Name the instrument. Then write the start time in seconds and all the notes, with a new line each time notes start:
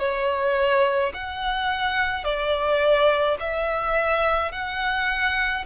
violin
0.00 C#5
1.14 F#5
2.24 D5
3.40 E5
4.52 F#5